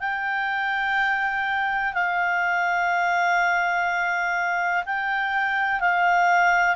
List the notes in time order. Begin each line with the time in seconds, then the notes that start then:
0.00 G5
1.94 F5
4.86 G5
5.80 F5